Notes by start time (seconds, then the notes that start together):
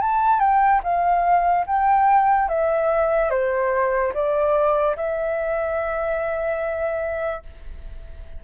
0.00 A5
0.40 G5
0.83 F5
1.66 G5
2.48 E5
3.30 C5
4.13 D5
4.96 E5